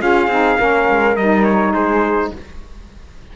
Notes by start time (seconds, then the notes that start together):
0.00 C#4 F4 G#4 F5
0.27 C4 D#4
0.58 A#3 C#4 A#4
0.89 G#3
1.16 G3 D#4 D#5
1.43 C#5
1.71 G#3 G#4 C5